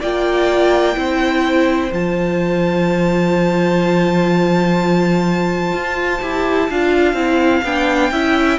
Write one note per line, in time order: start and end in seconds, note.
0.00 0.96 A#3
0.00 0.94 F4
0.00 0.95 D5
0.00 1.92 G5
0.94 1.91 C4
0.94 1.89 E4
0.94 6.69 C5
1.91 5.72 F3
1.91 6.19 F4
1.91 7.64 A5
5.73 6.20 F4
6.21 6.69 E4
6.21 6.69 G4
6.69 7.13 D4
6.69 7.15 F4
6.69 8.12 F5
7.13 7.61 C4
7.13 7.62 E4
7.63 8.11 B3
7.63 8.11 D4
7.63 8.59 G5
8.11 8.58 C#4
8.11 8.59 E4
8.11 8.59 E5